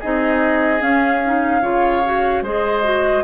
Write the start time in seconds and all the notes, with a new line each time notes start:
0.00 C4 D#4 G#4 D#5
0.80 C#4 F5
1.26 D#4
1.62 C#3 F4 C#5
2.05 F#4
2.42 G#3 G#4 C5 D#5
2.83 F#4